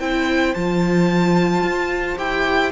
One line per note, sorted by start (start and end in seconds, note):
0.00 0.55 C4
0.00 0.55 E4
0.00 2.72 C5
0.00 0.54 G5
0.54 1.63 F3
0.54 2.17 F4
0.54 2.18 A5
1.63 2.17 F4
2.17 2.72 E4
2.17 2.72 G4
2.17 2.72 G5